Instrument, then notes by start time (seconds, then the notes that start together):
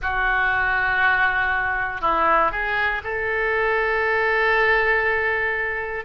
oboe
0.01 F#4
2.01 E4
2.51 G#4
3.03 A4